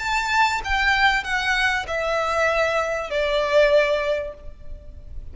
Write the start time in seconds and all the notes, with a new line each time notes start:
0.00 A5
0.65 G5
1.25 F#5
1.88 E5
3.10 D5